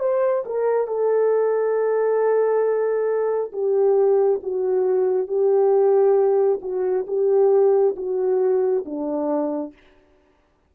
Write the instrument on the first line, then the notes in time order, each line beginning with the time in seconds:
horn
0.00 C5
0.46 A#4
0.87 A4
3.53 G4
4.43 F#4
5.28 G4
6.62 F#4
7.07 G4
7.97 F#4
8.86 D4